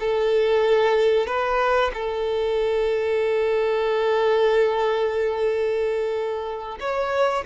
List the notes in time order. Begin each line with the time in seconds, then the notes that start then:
0.00 A4
1.26 B4
1.94 A4
6.80 C#5